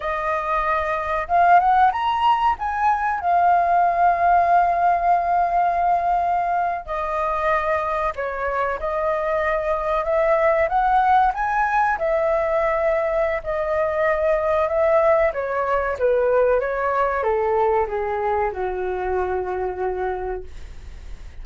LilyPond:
\new Staff \with { instrumentName = "flute" } { \time 4/4 \tempo 4 = 94 dis''2 f''8 fis''8 ais''4 | gis''4 f''2.~ | f''2~ f''8. dis''4~ dis''16~ | dis''8. cis''4 dis''2 e''16~ |
e''8. fis''4 gis''4 e''4~ e''16~ | e''4 dis''2 e''4 | cis''4 b'4 cis''4 a'4 | gis'4 fis'2. | }